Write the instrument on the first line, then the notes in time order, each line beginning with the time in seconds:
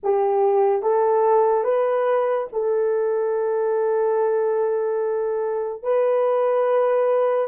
horn
0.03 G4
0.82 A4
1.64 B4
2.52 A4
5.82 B4